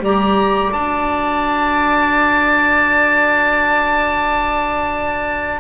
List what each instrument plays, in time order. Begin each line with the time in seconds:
0.00 double bass G3, clarinet G4, flute D5, oboe A#5
0.73 double bass D4, clarinet F#4, oboe A5